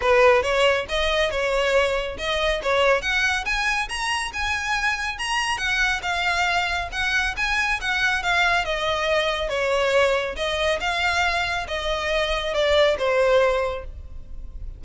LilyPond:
\new Staff \with { instrumentName = "violin" } { \time 4/4 \tempo 4 = 139 b'4 cis''4 dis''4 cis''4~ | cis''4 dis''4 cis''4 fis''4 | gis''4 ais''4 gis''2 | ais''4 fis''4 f''2 |
fis''4 gis''4 fis''4 f''4 | dis''2 cis''2 | dis''4 f''2 dis''4~ | dis''4 d''4 c''2 | }